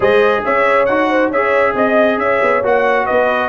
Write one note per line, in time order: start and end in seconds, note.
0.00 0.41 G#3
0.00 0.88 G#4
0.00 0.44 C5
0.00 0.44 D#5
0.44 0.88 C#4
0.44 1.09 C#5
0.44 0.85 E5
0.85 1.30 D#4
0.85 1.33 F#4
0.85 1.29 F#5
1.09 1.28 C5
1.28 1.73 C#4
1.28 2.63 G#4
1.28 1.72 C#5
1.28 1.76 E5
1.75 2.17 C4
1.75 2.19 D#5
1.75 2.18 D#5
2.17 2.39 C#4
2.17 3.06 C#5
2.17 2.62 E5
2.42 2.62 B3
2.62 3.06 A#3
2.62 3.48 F#4
2.62 3.06 F#5
3.06 3.48 B3
3.06 3.48 B4
3.06 3.48 D#5